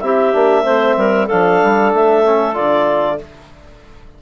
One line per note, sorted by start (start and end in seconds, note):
0.00 0.33 C4
0.00 0.33 E4
0.00 0.62 G4
0.00 1.28 E5
0.33 0.63 A#3
0.33 0.64 D4
0.62 0.95 A3
0.62 1.28 C4
0.62 0.94 C5
0.96 1.28 G3
0.96 1.26 A#4
1.26 1.62 F3
1.26 2.24 D4
1.26 3.18 A4
1.26 1.92 F5
1.62 1.93 G3
1.93 2.57 A3
1.93 2.55 E5
2.24 2.54 C#4
2.54 3.21 D3
2.54 3.17 F4
2.54 3.19 D5